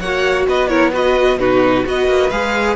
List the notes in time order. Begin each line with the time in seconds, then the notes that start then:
0.00 A#3 F#4 C#5 F#5
0.48 B3 B4 D#5
0.68 E4 A#4 C#5
0.93 F#4 B4 D#5
1.37 B2 D#4 F#4 B4
1.84 B3 F#4 B4 D#5
2.08 A#3
2.30 G#3 G#4 F5